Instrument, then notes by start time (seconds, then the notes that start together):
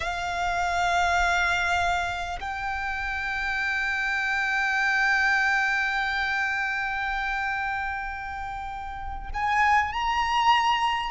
violin
0.00 F5
2.39 G5
9.33 G#5
9.92 A#5